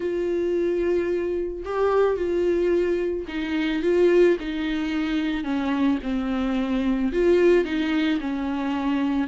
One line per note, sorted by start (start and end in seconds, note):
0.00 1.63 F4
1.64 2.16 G4
2.16 3.25 F4
3.28 3.82 D#4
3.82 4.37 F4
4.40 5.43 D#4
5.43 5.98 C#4
6.02 7.12 C4
7.12 7.64 F4
7.64 8.19 D#4
8.20 9.27 C#4